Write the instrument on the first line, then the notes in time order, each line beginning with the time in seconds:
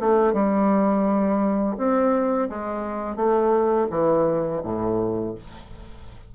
bassoon
0.00 A3
0.33 G3
1.77 C4
2.49 G#3
3.16 A3
3.91 E3
4.63 A2